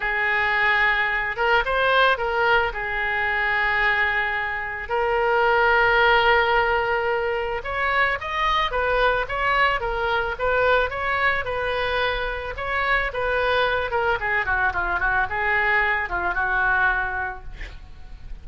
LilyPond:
\new Staff \with { instrumentName = "oboe" } { \time 4/4 \tempo 4 = 110 gis'2~ gis'8 ais'8 c''4 | ais'4 gis'2.~ | gis'4 ais'2.~ | ais'2 cis''4 dis''4 |
b'4 cis''4 ais'4 b'4 | cis''4 b'2 cis''4 | b'4. ais'8 gis'8 fis'8 f'8 fis'8 | gis'4. f'8 fis'2 | }